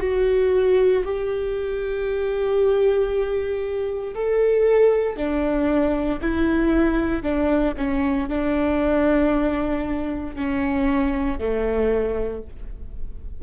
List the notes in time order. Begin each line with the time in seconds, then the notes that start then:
0.00 F#4
1.04 G4
4.15 A4
5.16 D4
6.21 E4
7.23 D4
7.77 C#4
8.29 D4
10.35 C#4
11.38 A3